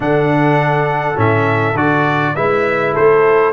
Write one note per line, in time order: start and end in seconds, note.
0.00 1.15 D3
0.00 1.15 D4
0.00 2.35 A4
0.00 1.19 F#5
1.15 1.75 A2
1.15 1.74 C#4
1.15 1.76 E5
1.75 2.34 D3
1.75 2.35 F#4
1.75 2.35 D5
2.35 2.95 G#3
2.35 3.52 E4
2.35 2.94 B4
2.35 2.94 E5
2.94 3.52 A3
2.94 3.52 A4
2.94 3.52 C5